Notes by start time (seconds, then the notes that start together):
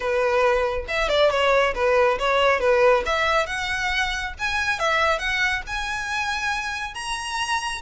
0.00 B4
0.88 E5
1.08 D5
1.30 C#5
1.75 B4
2.18 C#5
2.60 B4
3.05 E5
3.46 F#5
4.38 G#5
4.79 E5
5.18 F#5
5.67 G#5
6.94 A#5